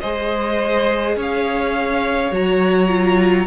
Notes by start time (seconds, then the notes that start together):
0.00 G#3 G#4 C5 D#5
1.16 C#4 C#5 F5
2.31 F#3 F#4 A#5
2.88 F4